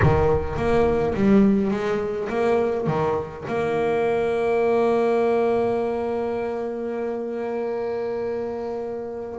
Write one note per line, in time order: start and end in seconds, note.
0.02 0.56 D#3
0.56 1.14 A#3
1.14 1.70 G3
1.70 2.28 G#3
2.29 2.86 A#3
2.86 3.44 D#3
3.47 9.39 A#3